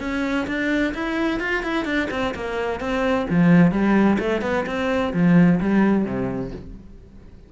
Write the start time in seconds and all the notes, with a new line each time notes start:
0.00 C#4
0.47 D4
0.94 E4
1.40 F4
1.63 E4
1.85 D4
2.11 C4
2.35 A#3
2.80 C4
3.30 F3
3.71 G3
4.19 A3
4.42 B3
4.66 C4
5.13 F3
5.60 G3
6.05 C3